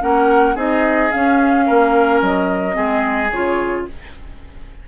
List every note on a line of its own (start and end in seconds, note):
0.00 0.56 A#3
0.00 0.55 C#4
0.00 0.55 A#4
0.00 0.56 F#5
0.55 1.11 C4
0.55 1.10 D#4
0.55 1.65 G#4
0.55 1.11 D#5
1.11 2.72 C#4
1.11 1.69 C#4
1.11 2.21 F5
1.66 2.21 A#3
1.66 2.76 A#4
2.21 2.76 F#3
2.21 3.31 D#5
2.72 3.31 G#3
2.72 3.27 C4
2.72 3.86 G#4
3.31 3.86 C#3
3.31 3.88 F4
3.31 3.86 C#5